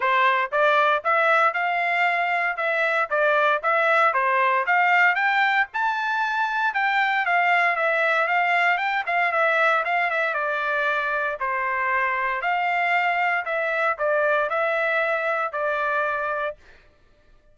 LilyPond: \new Staff \with { instrumentName = "trumpet" } { \time 4/4 \tempo 4 = 116 c''4 d''4 e''4 f''4~ | f''4 e''4 d''4 e''4 | c''4 f''4 g''4 a''4~ | a''4 g''4 f''4 e''4 |
f''4 g''8 f''8 e''4 f''8 e''8 | d''2 c''2 | f''2 e''4 d''4 | e''2 d''2 | }